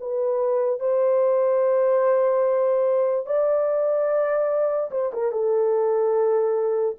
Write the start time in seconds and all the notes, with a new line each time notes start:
0.00 B4
0.80 C5
3.26 D5
4.91 C5
5.13 A#4
5.32 A4